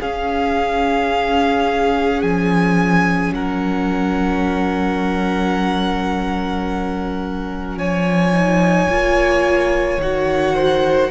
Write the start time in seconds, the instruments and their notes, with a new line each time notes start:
0.00 viola C#4, cello C#4, violin G#4 F5
2.22 cello F3, violin G#5
3.32 cello F#3, violin A#4 F#5
7.76 cello F3, violin C#5 G#5
8.33 viola D#4
8.89 cello A#3, viola F4
9.98 cello D#3, viola F#4, violin F#5
10.55 violin C5